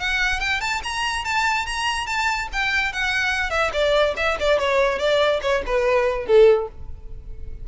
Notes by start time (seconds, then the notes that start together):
0.00 F#5
0.40 G5
0.61 A5
0.84 A#5
1.25 A5
1.67 A#5
2.07 A5
2.53 G5
2.93 F#5
3.50 E5
3.73 D5
4.17 E5
4.40 D5
4.59 C#5
4.99 D5
5.42 C#5
5.67 B4
6.26 A4